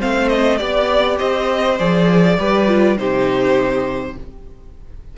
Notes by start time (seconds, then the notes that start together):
0.00 A3 C4 C5 F5
0.29 D#5
0.58 B3 G4 D5
1.18 C4 C5 D#5
1.79 F3 G#4 D5
2.39 G3 G4 B4
2.68 F4
2.97 C3 D#4 G4 C5